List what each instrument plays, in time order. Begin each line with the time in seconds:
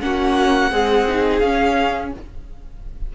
0.00 cello A#3, viola C#4, violin F#4 F#5
0.71 viola G#3, cello C4, violin G#4
1.07 viola D#4
1.38 cello C#4, viola C#4, violin F5